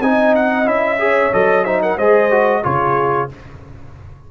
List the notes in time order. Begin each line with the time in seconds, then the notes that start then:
0.00 C4 D#4 D#5 G#5
0.35 F#5
0.64 C#4 E4 E5
0.98 G#4 C#5
1.33 F#3 A4 D#5
1.64 D#4 C5 E5
1.82 A#4 F#5
1.97 G#3 G#4 C5 D#5
2.31 F#4
2.63 C#3 F4 G#4 C#5